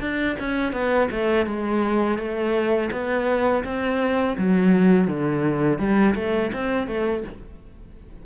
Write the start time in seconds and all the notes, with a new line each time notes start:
0.00 D4
0.39 C#4
0.73 B3
1.11 A3
1.46 G#3
2.18 A3
2.91 B3
3.64 C4
4.37 F#3
5.07 D3
5.78 G3
6.15 A3
6.53 C4
6.87 A3